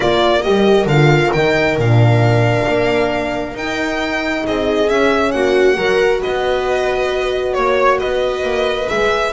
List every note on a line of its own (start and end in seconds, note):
0.00 0.46 A#3
0.00 0.41 F4
0.00 4.44 A#4
0.00 0.42 D5
0.42 0.85 G3
0.42 0.88 G4
0.42 0.86 D#5
0.85 1.30 D3
0.85 1.32 F5
0.91 1.35 F4
1.32 1.77 D#3
1.32 1.79 D#4
1.32 1.76 G5
1.77 2.66 A#2
1.77 3.57 D4
1.77 3.57 F5
2.67 3.54 A#3
3.54 4.42 D#4
3.54 4.88 D#4
3.54 4.45 G5
4.45 4.91 C4
4.45 5.34 G#4
4.45 4.89 D#5
4.88 5.76 C#4
4.88 5.33 C#4
4.88 5.31 E5
5.31 5.77 A#3
5.31 5.77 F#4
5.31 6.20 F#5
5.76 6.21 F#3
5.76 8.87 F#4
5.76 6.20 A#4
6.20 7.54 B4
6.20 7.53 D#5
6.27 7.56 B3
7.53 8.01 A#3
7.53 7.97 C#5
7.53 7.99 C#5
7.99 8.43 B3
7.99 9.32 B4
7.99 8.88 D#5
8.43 8.87 A#3
8.87 9.32 G#3
8.87 9.31 G#4
8.87 9.32 E5